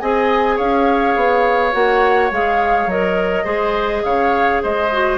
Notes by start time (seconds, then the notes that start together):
0.00 C4 G#4 D#5 G#5
0.56 C#4 C#5 F5
1.16 B3
1.72 A#3 F#4 F#5
2.31 G#3 G#4 F5
2.86 F#3 A#4 D#5
3.45 G#3 G#4 C5
4.05 C#3 C#5 F5
4.63 G#3 C5 D#5
4.92 F#4